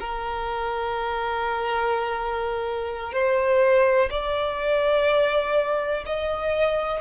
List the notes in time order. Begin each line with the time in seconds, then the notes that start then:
0.00 A#4
3.13 C5
4.10 D5
6.06 D#5